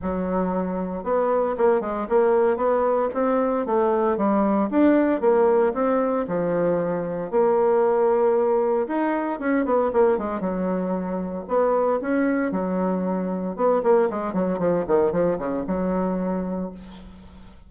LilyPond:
\new Staff \with { instrumentName = "bassoon" } { \time 4/4 \tempo 4 = 115 fis2 b4 ais8 gis8 | ais4 b4 c'4 a4 | g4 d'4 ais4 c'4 | f2 ais2~ |
ais4 dis'4 cis'8 b8 ais8 gis8 | fis2 b4 cis'4 | fis2 b8 ais8 gis8 fis8 | f8 dis8 f8 cis8 fis2 | }